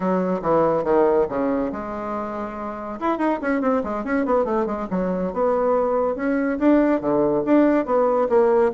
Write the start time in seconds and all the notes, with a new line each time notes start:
0.00 F#3
0.42 E3
0.84 D#3
1.29 C#3
1.71 G#3
3.00 E4
3.17 D#4
3.41 C#4
3.61 C4
3.83 G#3
4.04 C#4
4.25 B3
4.44 A3
4.66 G#3
4.90 F#3
5.33 B3
6.15 C#4
6.58 D4
7.00 D3
7.45 D4
7.85 B3
8.29 A#3